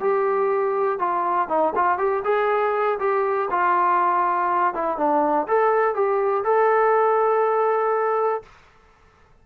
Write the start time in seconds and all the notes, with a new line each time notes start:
0.00 G4
0.99 F4
1.48 D#4
1.75 F4
1.98 G4
2.24 G#4
2.99 G4
3.50 F4
4.74 E4
4.97 D4
5.47 A4
5.94 G4
6.44 A4